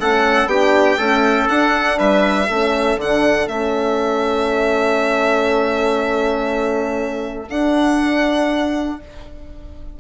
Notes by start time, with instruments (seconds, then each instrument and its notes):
0.00 bassoon A3, horn C#4, trumpet A4, violin F#5
0.46 bassoon B3, horn D4, trumpet G4, violin G5
0.98 horn A3, bassoon C#4, trumpet A4
1.48 horn D4, bassoon D4, violin F#5
1.98 bassoon G3, trumpet B4, violin E5
2.48 bassoon A3, horn C#4, trumpet A4
2.97 bassoon D3, horn D4, violin F#5
3.49 bassoon A3, horn C#4, violin E5
7.50 horn D4, bassoon D4, violin F#5